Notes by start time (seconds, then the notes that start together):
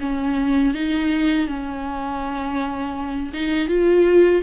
0.00 C#4
0.74 D#4
1.47 C#4
3.33 D#4
3.68 F4